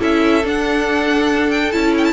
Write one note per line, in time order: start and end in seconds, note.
0.00 0.45 C#4
0.00 0.43 E4
0.00 2.14 A4
0.00 0.46 E5
0.43 1.73 D4
0.43 1.74 D4
0.43 1.51 F#5
1.51 1.72 G5
1.72 2.14 C#4
1.72 2.14 E4
1.72 1.94 A5
1.98 2.05 G5
2.05 2.14 A5